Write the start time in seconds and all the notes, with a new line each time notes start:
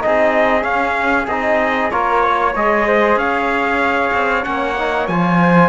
0.00 C4 D#4 G#4 D#5
0.62 C#4 F5
1.27 C4 D#4 D#5
1.91 A#3 F4 A#4 C#5
2.23 C#5
2.55 G#3 G#4 D#5
2.87 C5
3.16 C#4 C#5 F5
4.13 C4
4.43 A#3 C#4 F#5
4.78 D#4
5.08 F3 F4 G#5
5.40 C5